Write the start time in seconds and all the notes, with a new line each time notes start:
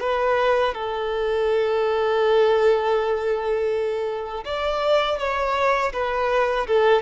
0.00 B4
0.74 A4
4.45 D5
5.18 C#5
5.93 B4
6.67 A4